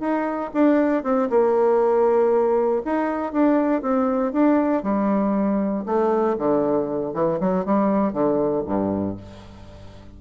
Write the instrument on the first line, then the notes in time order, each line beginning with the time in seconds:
bassoon
0.00 D#4
0.54 D4
1.04 C4
1.30 A#3
2.85 D#4
3.33 D4
3.82 C4
4.33 D4
4.83 G3
5.86 A3
6.38 D3
7.14 E3
7.41 F#3
7.65 G3
8.13 D3
8.66 G2